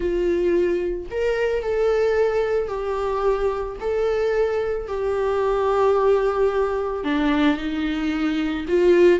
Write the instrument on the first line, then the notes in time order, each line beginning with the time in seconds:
viola
0.00 F4
1.10 A#4
1.62 A4
2.68 G4
3.80 A4
4.87 G4
7.03 D4
7.57 D#4
8.68 F4